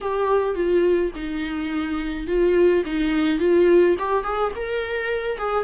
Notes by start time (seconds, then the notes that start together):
0.01 G4
0.55 F4
1.15 D#4
2.27 F4
2.85 D#4
3.39 F4
3.99 G4
4.23 G#4
4.55 A#4
5.37 G#4